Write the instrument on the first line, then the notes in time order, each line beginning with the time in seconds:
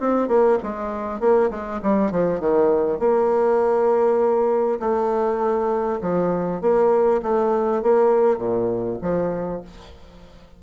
bassoon
0.00 C4
0.28 A#3
0.63 G#3
1.20 A#3
1.51 G#3
1.83 G3
2.11 F3
2.40 D#3
2.99 A#3
4.80 A3
6.01 F3
6.61 A#3
7.22 A3
7.82 A#3
8.38 A#2
9.02 F3